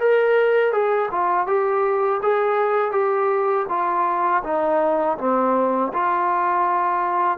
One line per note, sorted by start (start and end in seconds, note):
0.00 0.73 A#4
0.73 1.10 G#4
1.11 1.47 F4
1.47 2.22 G4
2.23 2.92 G#4
2.92 3.66 G4
3.69 4.43 F4
4.44 5.18 D#4
5.19 5.93 C4
5.94 7.38 F4